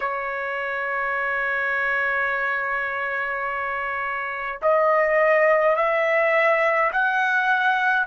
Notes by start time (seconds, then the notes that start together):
0.00 C#5
4.62 D#5
5.75 E5
6.92 F#5